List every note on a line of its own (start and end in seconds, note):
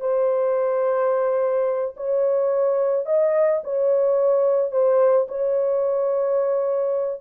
0.00 1.94 C5
1.96 3.06 C#5
3.06 3.61 D#5
3.64 4.71 C#5
4.71 5.27 C5
5.28 7.21 C#5